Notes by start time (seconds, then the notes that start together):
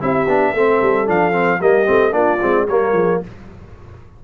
0.00 C4 E4 G4 E5
0.26 B3 D4
0.52 A3 C4 A4
0.82 G3
1.06 F3 D4 F5
1.32 C4
1.60 G3 A#3 G4 D#5
1.85 A3 C4
2.11 A#3 D4 F4 D5
2.41 G#3 C4
2.67 G3 A#3 A#4 C#5
2.92 F3 G#4